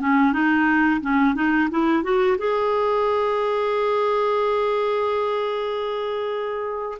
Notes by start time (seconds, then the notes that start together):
0.00 C#4
0.33 D#4
1.02 C#4
1.35 D#4
1.70 E4
2.03 F#4
2.38 G#4